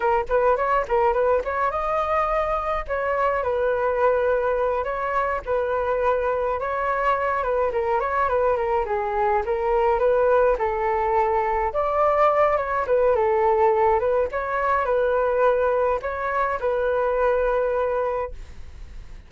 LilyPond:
\new Staff \with { instrumentName = "flute" } { \time 4/4 \tempo 4 = 105 ais'8 b'8 cis''8 ais'8 b'8 cis''8 dis''4~ | dis''4 cis''4 b'2~ | b'8 cis''4 b'2 cis''8~ | cis''4 b'8 ais'8 cis''8 b'8 ais'8 gis'8~ |
gis'8 ais'4 b'4 a'4.~ | a'8 d''4. cis''8 b'8 a'4~ | a'8 b'8 cis''4 b'2 | cis''4 b'2. | }